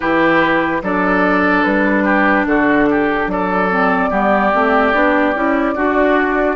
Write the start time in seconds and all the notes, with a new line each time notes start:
0.00 E3 E4 G4 B4
0.82 F#3 D4 A4 D5
1.63 G3 B4
2.04 G4
2.46 D3 F#4 A4
2.90 G4
3.26 F#3 A4 D5
3.70 C4
4.10 G3 B3 G4
4.52 A3 C4
4.93 B3 D4
5.34 C#4 E4
5.74 D4 F#4